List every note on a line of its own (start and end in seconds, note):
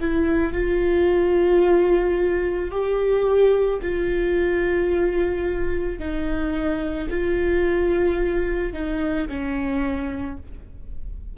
0.00 0.53 E4
0.53 2.70 F4
2.70 3.79 G4
3.81 5.99 F4
5.99 7.08 D#4
7.10 8.73 F4
8.73 9.27 D#4
9.28 10.37 C#4